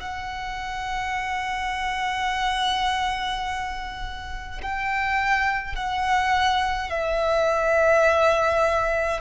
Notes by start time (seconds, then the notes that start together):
0.00 F#5
4.62 G5
5.75 F#5
6.90 E5